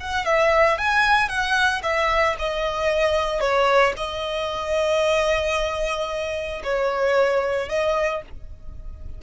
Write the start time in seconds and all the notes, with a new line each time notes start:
0.00 F#5
0.25 E5
0.78 G#5
1.29 F#5
1.83 E5
2.39 D#5
3.40 C#5
3.97 D#5
6.63 C#5
7.69 D#5